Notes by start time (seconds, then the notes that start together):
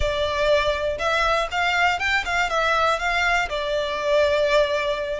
0.00 D5
0.98 E5
1.51 F5
1.99 G5
2.25 F5
2.49 E5
2.99 F5
3.49 D5